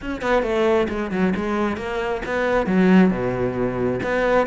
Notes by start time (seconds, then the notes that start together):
0.01 C#4
0.21 B3
0.42 A3
0.88 G#3
1.11 F#3
1.36 G#3
1.76 A#3
2.25 B3
2.66 F#3
3.10 B2
4.03 B3